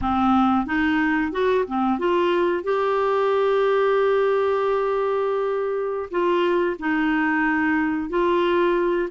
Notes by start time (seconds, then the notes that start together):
0.01 C4
0.66 D#4
1.32 F#4
1.67 C4
1.98 F4
2.63 G4
6.10 F4
6.79 D#4
8.09 F4